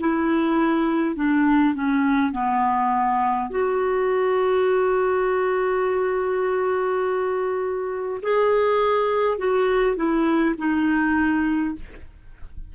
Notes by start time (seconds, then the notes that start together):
0.00 E4
1.16 D4
1.74 C#4
2.32 B3
3.50 F#4
8.22 G#4
9.38 F#4
9.96 E4
10.58 D#4